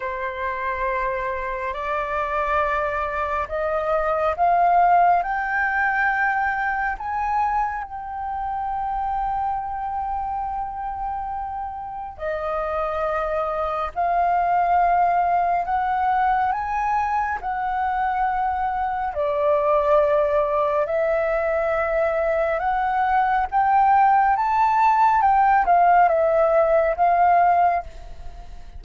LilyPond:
\new Staff \with { instrumentName = "flute" } { \time 4/4 \tempo 4 = 69 c''2 d''2 | dis''4 f''4 g''2 | gis''4 g''2.~ | g''2 dis''2 |
f''2 fis''4 gis''4 | fis''2 d''2 | e''2 fis''4 g''4 | a''4 g''8 f''8 e''4 f''4 | }